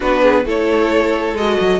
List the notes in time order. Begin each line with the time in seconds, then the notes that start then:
0.00 B3 D4 F#4 B4
0.22 G#4
0.45 A3 E4 A4 C#5
1.34 G#3 F#4 D#5
1.60 F#3